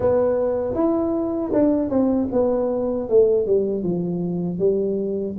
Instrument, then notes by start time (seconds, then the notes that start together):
tuba
0.00 B3
0.74 E4
1.53 D4
1.89 C4
2.32 B3
3.09 A3
3.46 G3
3.83 F3
4.58 G3